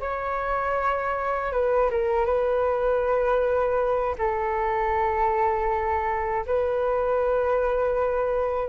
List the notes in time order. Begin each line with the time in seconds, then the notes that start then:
0.00 C#5
1.52 B4
1.90 A#4
2.25 B4
4.18 A4
6.46 B4